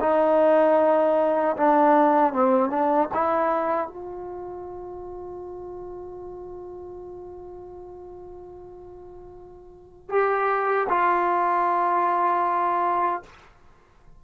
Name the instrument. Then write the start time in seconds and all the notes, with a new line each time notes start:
trombone
0.00 D#4
1.56 D4
2.32 C4
2.70 D4
3.13 E4
3.87 F4
10.09 G4
10.89 F4